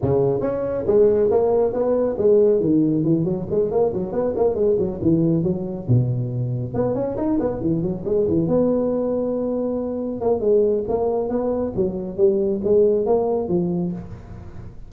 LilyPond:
\new Staff \with { instrumentName = "tuba" } { \time 4/4 \tempo 4 = 138 cis4 cis'4 gis4 ais4 | b4 gis4 dis4 e8 fis8 | gis8 ais8 fis8 b8 ais8 gis8 fis8 e8~ | e8 fis4 b,2 b8 |
cis'8 dis'8 b8 e8 fis8 gis8 e8 b8~ | b2.~ b8 ais8 | gis4 ais4 b4 fis4 | g4 gis4 ais4 f4 | }